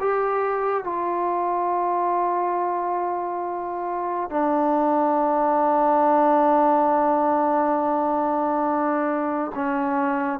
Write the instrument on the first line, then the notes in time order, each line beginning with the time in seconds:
trombone
0.00 G4
0.84 F4
4.30 D4
9.55 C#4